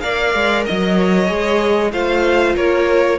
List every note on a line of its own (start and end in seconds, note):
0.00 0.34 A#3
0.00 1.27 A#4
0.00 0.66 D5
0.00 0.63 F5
0.34 0.66 G#3
0.65 1.29 F#3
0.65 1.91 D#5
0.65 0.97 D#5
0.97 1.91 C#5
1.27 1.92 G#3
1.27 1.91 G#4
1.92 2.56 A3
1.92 3.19 F4
1.92 2.55 C5
1.92 2.56 F5
2.55 3.19 A#3
2.55 3.19 A#4
2.55 3.19 C#5